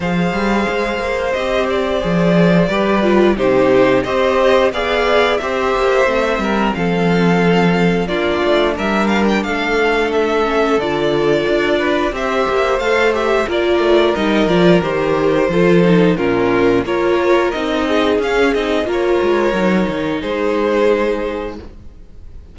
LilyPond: <<
  \new Staff \with { instrumentName = "violin" } { \time 4/4 \tempo 4 = 89 f''2 dis''8 d''4.~ | d''4 c''4 dis''4 f''4 | e''2 f''2 | d''4 e''8 f''16 g''16 f''4 e''4 |
d''2 e''4 f''8 e''8 | d''4 dis''8 d''8 c''2 | ais'4 cis''4 dis''4 f''8 dis''8 | cis''2 c''2 | }
  \new Staff \with { instrumentName = "violin" } { \time 4/4 c''1 | b'4 g'4 c''4 d''4 | c''4. ais'8 a'2 | f'4 ais'4 a'2~ |
a'4. b'8 c''2 | ais'2. a'4 | f'4 ais'4. gis'4. | ais'2 gis'2 | }
  \new Staff \with { instrumentName = "viola" } { \time 4/4 gis'2 g'4 gis'4 | g'8 f'8 dis'4 g'4 gis'4 | g'4 c'2. | d'2.~ d'8 cis'8 |
f'2 g'4 a'8 g'8 | f'4 dis'8 f'8 g'4 f'8 dis'8 | cis'4 f'4 dis'4 cis'8 dis'8 | f'4 dis'2. | }
  \new Staff \with { instrumentName = "cello" } { \time 4/4 f8 g8 gis8 ais8 c'4 f4 | g4 c4 c'4 b4 | c'8 ais8 a8 g8 f2 | ais8 a8 g4 a2 |
d4 d'4 c'8 ais8 a4 | ais8 a8 g8 f8 dis4 f4 | ais,4 ais4 c'4 cis'8 c'8 | ais8 gis8 fis8 dis8 gis2 | }
>>